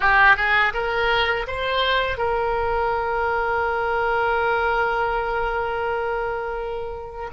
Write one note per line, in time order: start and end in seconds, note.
0.00 0.36 G4
0.36 0.73 G#4
0.73 1.46 A#4
1.47 2.18 C5
2.18 7.30 A#4